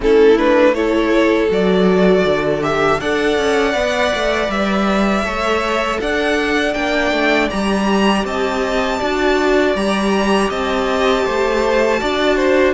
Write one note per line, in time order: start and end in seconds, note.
0.00 1.49 A3
0.00 0.35 C#4
0.00 0.75 E4
0.00 0.38 A4
0.37 0.74 D4
0.37 0.74 B4
0.74 1.48 E4
0.74 3.00 A4
0.74 1.49 C#5
1.48 2.24 F#3
1.48 2.61 F#4
1.48 2.62 D5
2.24 2.99 D3
2.61 2.98 G4
2.61 3.00 E5
3.00 3.37 D4
3.00 3.72 A4
3.00 5.24 D5
3.00 4.50 F#5
3.37 3.74 C#4
3.72 4.12 B3
3.72 5.22 B4
4.14 4.48 A3
4.48 5.23 G3
4.48 6.00 E5
5.23 5.98 A3
5.23 6.74 A4
5.23 5.99 C#5
6.00 6.74 D4
6.00 8.26 D5
6.00 6.74 F#5
6.74 7.11 A#3
6.74 7.49 D4
6.74 7.49 G5
7.11 7.48 A3
7.50 8.24 G3
7.50 9.01 G4
7.50 8.25 A#5
8.24 8.99 C4
8.24 8.99 D#5
8.24 9.75 A5
8.99 9.75 D4
8.99 9.76 F#4
8.99 10.49 D5
9.75 10.50 G3
9.75 11.99 G4
9.75 10.50 A#5
10.49 11.25 C4
10.49 11.24 D#5
10.49 12.73 A5
11.25 12.01 A3
11.25 12.00 C5
11.99 12.73 D4
11.99 12.73 F#4
11.99 12.36 D5
12.36 12.73 C5